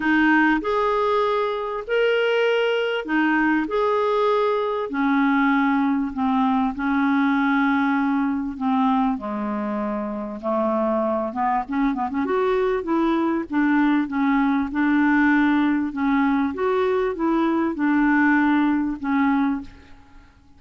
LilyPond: \new Staff \with { instrumentName = "clarinet" } { \time 4/4 \tempo 4 = 98 dis'4 gis'2 ais'4~ | ais'4 dis'4 gis'2 | cis'2 c'4 cis'4~ | cis'2 c'4 gis4~ |
gis4 a4. b8 cis'8 b16 cis'16 | fis'4 e'4 d'4 cis'4 | d'2 cis'4 fis'4 | e'4 d'2 cis'4 | }